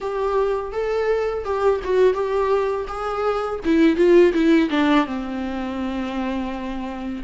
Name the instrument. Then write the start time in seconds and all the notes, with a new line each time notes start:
viola
0.00 G4
0.72 A4
1.44 G4
1.84 F#4
2.13 G4
2.87 G#4
3.64 E4
3.96 F4
4.33 E4
4.70 D4
5.06 C4